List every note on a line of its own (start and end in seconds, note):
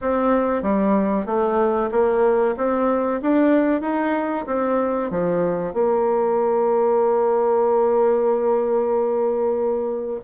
0.01 0.62 C4
0.62 1.26 G3
1.26 1.90 A3
1.91 2.55 A#3
2.57 3.21 C4
3.22 3.81 D4
3.81 4.45 D#4
4.46 5.10 C4
5.10 5.73 F3
5.73 10.20 A#3